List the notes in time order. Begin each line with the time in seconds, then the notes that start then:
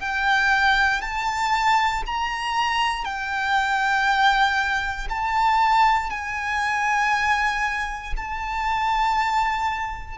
0.00 G5
1.02 A5
2.06 A#5
3.05 G5
5.10 A5
6.11 G#5
8.17 A5